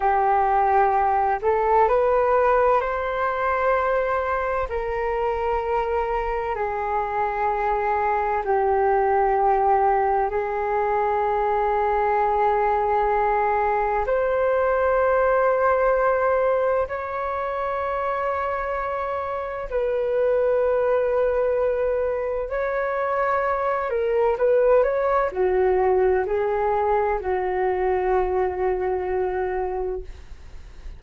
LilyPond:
\new Staff \with { instrumentName = "flute" } { \time 4/4 \tempo 4 = 64 g'4. a'8 b'4 c''4~ | c''4 ais'2 gis'4~ | gis'4 g'2 gis'4~ | gis'2. c''4~ |
c''2 cis''2~ | cis''4 b'2. | cis''4. ais'8 b'8 cis''8 fis'4 | gis'4 fis'2. | }